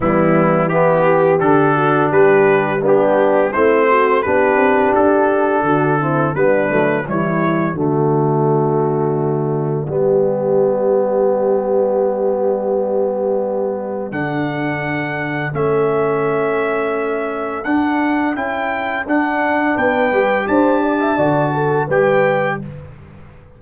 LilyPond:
<<
  \new Staff \with { instrumentName = "trumpet" } { \time 4/4 \tempo 4 = 85 e'4 g'4 a'4 b'4 | g'4 c''4 b'4 a'4~ | a'4 b'4 cis''4 d''4~ | d''1~ |
d''1 | fis''2 e''2~ | e''4 fis''4 g''4 fis''4 | g''4 a''2 g''4 | }
  \new Staff \with { instrumentName = "horn" } { \time 4/4 b4 e'8 g'4 fis'8 g'4 | d'4 e'8 fis'8 g'2 | fis'8 e'8 d'4 e'4 fis'4~ | fis'2 g'2~ |
g'1 | a'1~ | a'1 | b'4 c''8 d''16 e''16 d''8 a'8 b'4 | }
  \new Staff \with { instrumentName = "trombone" } { \time 4/4 g4 b4 d'2 | b4 c'4 d'2~ | d'8 c'8 b8 a8 g4 a4~ | a2 b2~ |
b1 | d'2 cis'2~ | cis'4 d'4 e'4 d'4~ | d'8 g'4. fis'4 g'4 | }
  \new Staff \with { instrumentName = "tuba" } { \time 4/4 e2 d4 g4~ | g4 a4 b8 c'8 d'4 | d4 g8 fis8 e4 d4~ | d2 g2~ |
g1 | d2 a2~ | a4 d'4 cis'4 d'4 | b8 g8 d'4 d4 g4 | }
>>